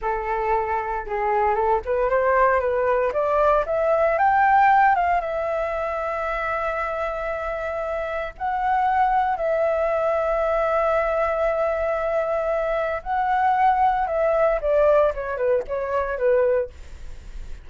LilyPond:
\new Staff \with { instrumentName = "flute" } { \time 4/4 \tempo 4 = 115 a'2 gis'4 a'8 b'8 | c''4 b'4 d''4 e''4 | g''4. f''8 e''2~ | e''1 |
fis''2 e''2~ | e''1~ | e''4 fis''2 e''4 | d''4 cis''8 b'8 cis''4 b'4 | }